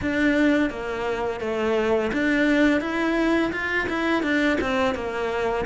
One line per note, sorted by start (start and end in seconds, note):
0.01 0.70 D4
0.70 1.40 A#3
1.40 2.11 A3
2.12 2.80 D4
2.80 3.51 E4
3.52 3.87 F4
3.88 4.22 E4
4.22 4.58 D4
4.60 4.94 C4
4.94 5.65 A#3